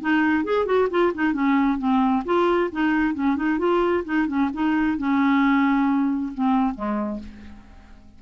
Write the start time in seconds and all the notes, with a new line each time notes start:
0.00 D#4
0.44 G#4
0.65 F#4
0.90 F4
1.14 D#4
1.33 C#4
1.78 C4
2.25 F4
2.71 D#4
3.14 C#4
3.36 D#4
3.58 F4
4.04 D#4
4.27 C#4
4.53 D#4
4.97 C#4
6.34 C4
6.74 G#3